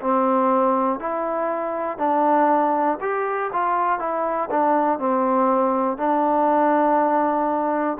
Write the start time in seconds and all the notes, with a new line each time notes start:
0.00 C4
1.00 E4
1.98 D4
3.00 G4
3.52 F4
3.99 E4
4.50 D4
4.98 C4
5.97 D4